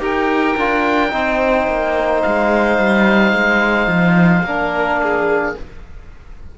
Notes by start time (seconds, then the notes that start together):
0.00 D#4 G4 A#4 G5
0.57 D4 F4
1.10 C4 D#4 C5
1.68 A#3
2.22 G#3 F5
2.79 G3
3.33 G#3
3.87 F3
4.44 A#3 D4 A#4
5.03 G#4